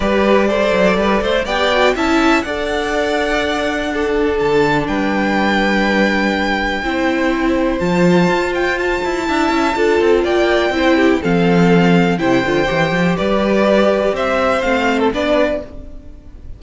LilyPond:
<<
  \new Staff \with { instrumentName = "violin" } { \time 4/4 \tempo 4 = 123 d''2. g''4 | a''4 fis''2.~ | fis''4 a''4 g''2~ | g''1 |
a''4. g''8 a''2~ | a''4 g''2 f''4~ | f''4 g''2 d''4~ | d''4 e''4 f''8. a'16 d''4 | }
  \new Staff \with { instrumentName = "violin" } { \time 4/4 b'4 c''4 b'8 c''8 d''4 | e''4 d''2. | a'2 b'2~ | b'2 c''2~ |
c''2. e''4 | a'4 d''4 c''8 g'8 a'4~ | a'4 c''2 b'4~ | b'4 c''2 b'4 | }
  \new Staff \with { instrumentName = "viola" } { \time 4/4 g'4 a'2 g'8 fis'8 | e'4 a'2. | d'1~ | d'2 e'2 |
f'2. e'4 | f'2 e'4 c'4~ | c'4 e'8 f'8 g'2~ | g'2 c'4 d'4 | }
  \new Staff \with { instrumentName = "cello" } { \time 4/4 g4. fis8 g8 a8 b4 | cis'4 d'2.~ | d'4 d4 g2~ | g2 c'2 |
f4 f'4. e'8 d'8 cis'8 | d'8 c'8 ais4 c'4 f4~ | f4 c8 d8 e8 f8 g4~ | g4 c'4 a4 b4 | }
>>